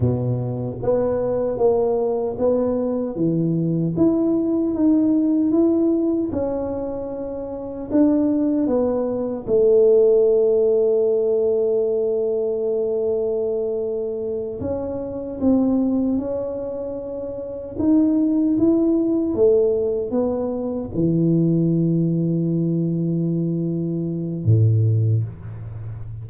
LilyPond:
\new Staff \with { instrumentName = "tuba" } { \time 4/4 \tempo 4 = 76 b,4 b4 ais4 b4 | e4 e'4 dis'4 e'4 | cis'2 d'4 b4 | a1~ |
a2~ a8 cis'4 c'8~ | c'8 cis'2 dis'4 e'8~ | e'8 a4 b4 e4.~ | e2. a,4 | }